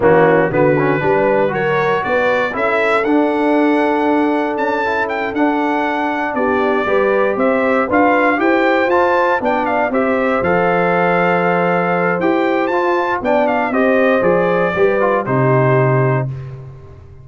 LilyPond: <<
  \new Staff \with { instrumentName = "trumpet" } { \time 4/4 \tempo 4 = 118 fis'4 b'2 cis''4 | d''4 e''4 fis''2~ | fis''4 a''4 g''8 fis''4.~ | fis''8 d''2 e''4 f''8~ |
f''8 g''4 a''4 g''8 f''8 e''8~ | e''8 f''2.~ f''8 | g''4 a''4 g''8 f''8 dis''4 | d''2 c''2 | }
  \new Staff \with { instrumentName = "horn" } { \time 4/4 cis'4 fis'4 b'4 ais'4 | b'4 a'2.~ | a'1~ | a'8 g'4 b'4 c''4 b'8~ |
b'8 c''2 d''4 c''8~ | c''1~ | c''2 d''4 c''4~ | c''4 b'4 g'2 | }
  \new Staff \with { instrumentName = "trombone" } { \time 4/4 ais4 b8 cis'8 d'4 fis'4~ | fis'4 e'4 d'2~ | d'4. e'4 d'4.~ | d'4. g'2 f'8~ |
f'8 g'4 f'4 d'4 g'8~ | g'8 a'2.~ a'8 | g'4 f'4 d'4 g'4 | gis'4 g'8 f'8 dis'2 | }
  \new Staff \with { instrumentName = "tuba" } { \time 4/4 e4 d4 g4 fis4 | b4 cis'4 d'2~ | d'4 cis'4. d'4.~ | d'8 b4 g4 c'4 d'8~ |
d'8 e'4 f'4 b4 c'8~ | c'8 f2.~ f8 | e'4 f'4 b4 c'4 | f4 g4 c2 | }
>>